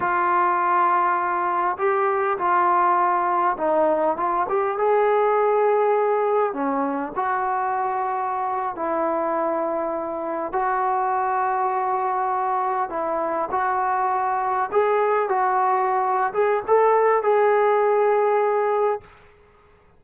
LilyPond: \new Staff \with { instrumentName = "trombone" } { \time 4/4 \tempo 4 = 101 f'2. g'4 | f'2 dis'4 f'8 g'8 | gis'2. cis'4 | fis'2~ fis'8. e'4~ e'16~ |
e'4.~ e'16 fis'2~ fis'16~ | fis'4.~ fis'16 e'4 fis'4~ fis'16~ | fis'8. gis'4 fis'4.~ fis'16 gis'8 | a'4 gis'2. | }